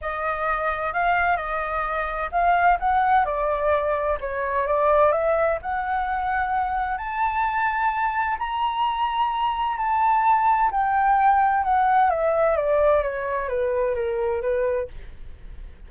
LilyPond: \new Staff \with { instrumentName = "flute" } { \time 4/4 \tempo 4 = 129 dis''2 f''4 dis''4~ | dis''4 f''4 fis''4 d''4~ | d''4 cis''4 d''4 e''4 | fis''2. a''4~ |
a''2 ais''2~ | ais''4 a''2 g''4~ | g''4 fis''4 e''4 d''4 | cis''4 b'4 ais'4 b'4 | }